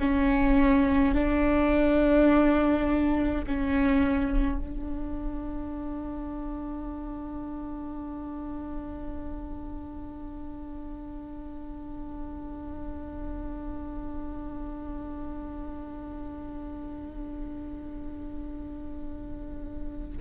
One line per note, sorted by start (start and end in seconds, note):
0.00 1.15 C#4
1.15 3.46 D4
3.47 4.60 C#4
4.60 20.18 D4